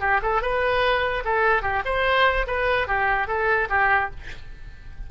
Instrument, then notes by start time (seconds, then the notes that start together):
oboe
0.00 G4
0.22 A4
0.41 B4
1.24 A4
1.62 G4
1.85 C5
2.47 B4
2.87 G4
3.27 A4
3.69 G4